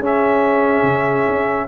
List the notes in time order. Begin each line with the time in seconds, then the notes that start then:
0.00 C#4 G#4 E5
0.83 C#3
1.28 C#4